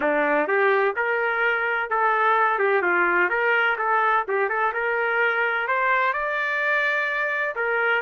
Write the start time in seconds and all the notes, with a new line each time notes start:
0.00 D4
0.47 G4
0.96 A#4
1.89 A4
2.59 G4
2.82 F4
3.29 A#4
3.78 A4
4.28 G4
4.49 A4
4.73 A#4
5.67 C5
6.13 D5
7.55 A#4